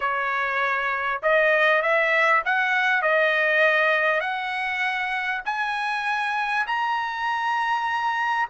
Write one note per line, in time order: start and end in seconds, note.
0.00 1.21 C#5
1.22 1.82 D#5
1.82 2.42 E5
2.45 3.01 F#5
3.01 4.20 D#5
4.20 5.41 F#5
5.45 6.66 G#5
6.66 8.48 A#5